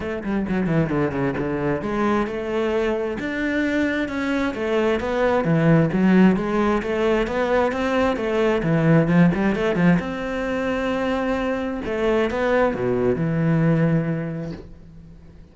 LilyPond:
\new Staff \with { instrumentName = "cello" } { \time 4/4 \tempo 4 = 132 a8 g8 fis8 e8 d8 cis8 d4 | gis4 a2 d'4~ | d'4 cis'4 a4 b4 | e4 fis4 gis4 a4 |
b4 c'4 a4 e4 | f8 g8 a8 f8 c'2~ | c'2 a4 b4 | b,4 e2. | }